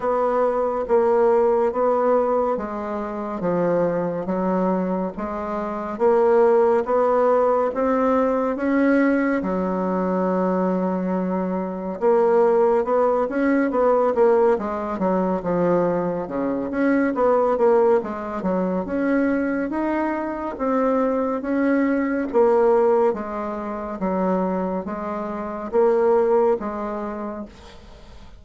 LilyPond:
\new Staff \with { instrumentName = "bassoon" } { \time 4/4 \tempo 4 = 70 b4 ais4 b4 gis4 | f4 fis4 gis4 ais4 | b4 c'4 cis'4 fis4~ | fis2 ais4 b8 cis'8 |
b8 ais8 gis8 fis8 f4 cis8 cis'8 | b8 ais8 gis8 fis8 cis'4 dis'4 | c'4 cis'4 ais4 gis4 | fis4 gis4 ais4 gis4 | }